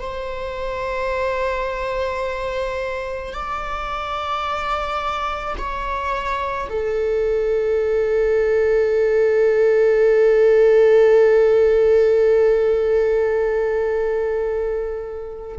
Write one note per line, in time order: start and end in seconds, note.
0.00 3.33 C5
3.33 5.56 D5
5.58 6.69 C#5
6.70 15.59 A4